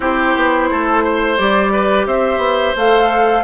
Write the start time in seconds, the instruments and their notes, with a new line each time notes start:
0.00 bassoon C4, clarinet E4, oboe G4, flute C5
0.35 bassoon B3
0.70 bassoon A3, oboe A4
1.03 oboe C5
1.37 bassoon G3, clarinet G4, flute D5
1.72 oboe B4
2.06 bassoon C4, oboe C5, flute E5
2.37 bassoon B3
2.76 bassoon A3, clarinet A4, flute F5